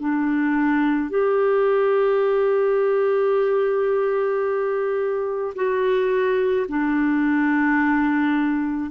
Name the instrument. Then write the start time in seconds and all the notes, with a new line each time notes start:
clarinet
0.00 D4
1.10 G4
5.56 F#4
6.69 D4